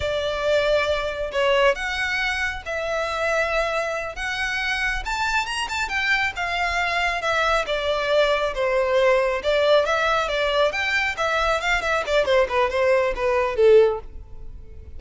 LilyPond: \new Staff \with { instrumentName = "violin" } { \time 4/4 \tempo 4 = 137 d''2. cis''4 | fis''2 e''2~ | e''4. fis''2 a''8~ | a''8 ais''8 a''8 g''4 f''4.~ |
f''8 e''4 d''2 c''8~ | c''4. d''4 e''4 d''8~ | d''8 g''4 e''4 f''8 e''8 d''8 | c''8 b'8 c''4 b'4 a'4 | }